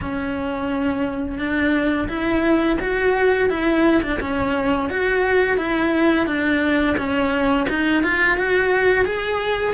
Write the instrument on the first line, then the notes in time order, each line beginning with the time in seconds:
cello
0.01 C#4
1.38 D4
2.08 E4
2.80 F#4
3.49 E4
4.02 D4
4.20 C#4
4.89 F#4
5.57 E4
6.26 D4
6.97 C#4
7.69 D#4
8.03 F4
8.37 F#4
9.05 G#4